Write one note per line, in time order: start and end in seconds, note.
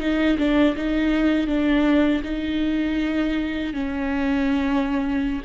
0.00 0.38 D#4
0.38 0.76 D4
0.76 1.47 D#4
1.47 2.22 D4
2.23 3.73 D#4
3.73 5.42 C#4